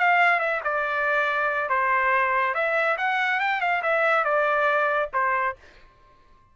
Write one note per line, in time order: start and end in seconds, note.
0.00 0.40 F5
0.40 0.61 E5
0.64 1.69 D5
1.69 2.55 C5
2.55 2.97 E5
2.98 3.40 F#5
3.40 3.61 G5
3.61 3.82 F5
3.83 4.25 E5
4.25 5.10 D5
5.14 5.56 C5